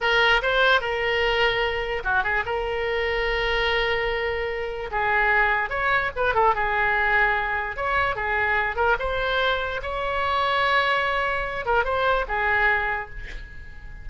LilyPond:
\new Staff \with { instrumentName = "oboe" } { \time 4/4 \tempo 4 = 147 ais'4 c''4 ais'2~ | ais'4 fis'8 gis'8 ais'2~ | ais'1 | gis'2 cis''4 b'8 a'8 |
gis'2. cis''4 | gis'4. ais'8 c''2 | cis''1~ | cis''8 ais'8 c''4 gis'2 | }